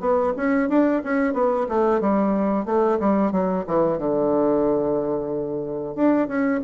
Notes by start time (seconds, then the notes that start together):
0.00 B3
0.37 C#4
0.69 D4
1.04 C#4
1.33 B3
1.68 A3
2.00 G3
2.66 A3
2.99 G3
3.32 F#3
3.67 E3
3.98 D3
5.95 D4
6.28 C#4